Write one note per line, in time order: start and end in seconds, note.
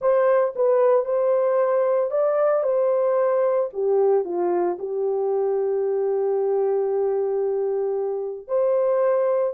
0.01 0.54 C5
0.55 1.05 B4
1.05 2.10 C5
2.10 2.63 D5
2.63 3.69 C5
3.73 4.24 G4
4.24 4.77 F4
4.79 8.47 G4
8.47 9.53 C5